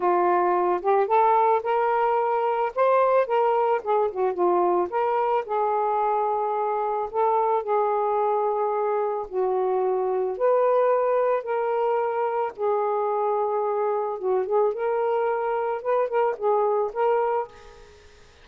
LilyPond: \new Staff \with { instrumentName = "saxophone" } { \time 4/4 \tempo 4 = 110 f'4. g'8 a'4 ais'4~ | ais'4 c''4 ais'4 gis'8 fis'8 | f'4 ais'4 gis'2~ | gis'4 a'4 gis'2~ |
gis'4 fis'2 b'4~ | b'4 ais'2 gis'4~ | gis'2 fis'8 gis'8 ais'4~ | ais'4 b'8 ais'8 gis'4 ais'4 | }